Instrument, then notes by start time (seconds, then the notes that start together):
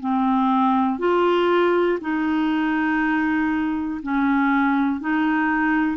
clarinet
0.00 C4
0.99 F4
2.01 D#4
4.02 C#4
5.00 D#4